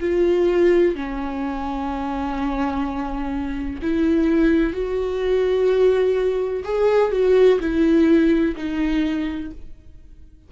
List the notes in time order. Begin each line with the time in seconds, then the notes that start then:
0.00 F4
0.95 C#4
3.82 E4
4.74 F#4
6.65 G#4
7.12 F#4
7.60 E4
8.56 D#4